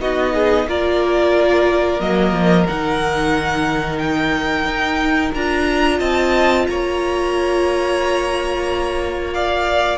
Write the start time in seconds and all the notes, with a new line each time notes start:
0.00 B3 D#4 F#4 D#5
0.33 G#4
0.66 A#3 F4 A#4 D5
2.00 F#3 A#3 D#5
2.32 F3
2.67 D#3 D#4 F#5
3.98 G5
4.65 D#4
5.35 D4 F4 A#5
5.98 C4 D#5 A5
6.67 A#3 C#5 A#5
9.33 D5 F5